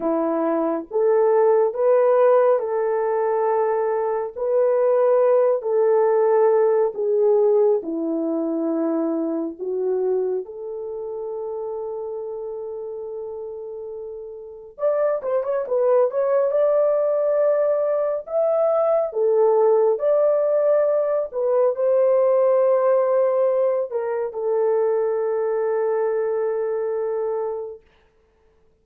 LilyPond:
\new Staff \with { instrumentName = "horn" } { \time 4/4 \tempo 4 = 69 e'4 a'4 b'4 a'4~ | a'4 b'4. a'4. | gis'4 e'2 fis'4 | a'1~ |
a'4 d''8 c''16 cis''16 b'8 cis''8 d''4~ | d''4 e''4 a'4 d''4~ | d''8 b'8 c''2~ c''8 ais'8 | a'1 | }